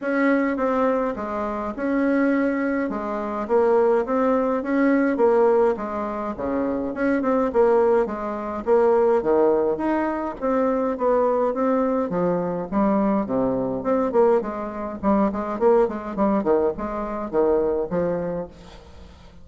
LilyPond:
\new Staff \with { instrumentName = "bassoon" } { \time 4/4 \tempo 4 = 104 cis'4 c'4 gis4 cis'4~ | cis'4 gis4 ais4 c'4 | cis'4 ais4 gis4 cis4 | cis'8 c'8 ais4 gis4 ais4 |
dis4 dis'4 c'4 b4 | c'4 f4 g4 c4 | c'8 ais8 gis4 g8 gis8 ais8 gis8 | g8 dis8 gis4 dis4 f4 | }